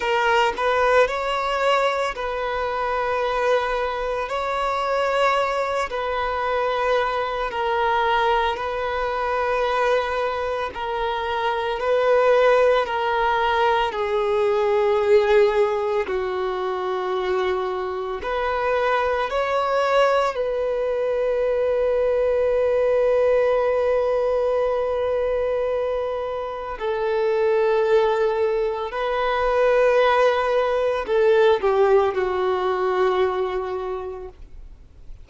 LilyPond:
\new Staff \with { instrumentName = "violin" } { \time 4/4 \tempo 4 = 56 ais'8 b'8 cis''4 b'2 | cis''4. b'4. ais'4 | b'2 ais'4 b'4 | ais'4 gis'2 fis'4~ |
fis'4 b'4 cis''4 b'4~ | b'1~ | b'4 a'2 b'4~ | b'4 a'8 g'8 fis'2 | }